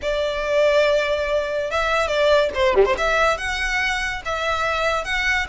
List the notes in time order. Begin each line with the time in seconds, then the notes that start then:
0.02 D5
1.70 E5
2.07 D5
2.54 C5
2.74 G3
2.85 C5
2.97 E5
3.37 F#5
4.25 E5
5.04 F#5